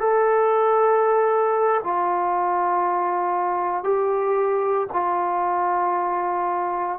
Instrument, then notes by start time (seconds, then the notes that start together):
trombone
0.00 A4
1.84 F4
3.84 G4
4.93 F4